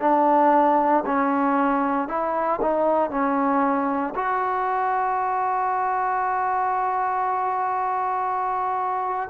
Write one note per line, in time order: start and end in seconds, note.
0.00 1.03 D4
1.06 2.08 C#4
2.08 2.60 E4
2.61 3.10 D#4
3.10 4.14 C#4
4.15 9.30 F#4